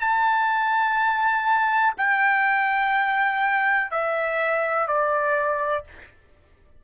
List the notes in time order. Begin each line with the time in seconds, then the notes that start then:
0.00 A5
1.97 G5
3.91 E5
4.87 D5